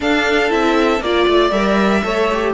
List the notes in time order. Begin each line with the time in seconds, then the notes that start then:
0.00 D4 A4 F5
0.49 C4 E4 E5
1.00 A#3 F4 D5
1.27 A3
1.50 G3 A#4 E5
2.03 A3 A4 C#5
2.33 G4